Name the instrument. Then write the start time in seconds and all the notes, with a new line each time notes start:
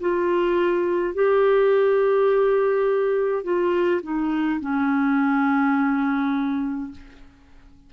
clarinet
0.00 F4
1.14 G4
3.44 F4
4.03 D#4
4.60 C#4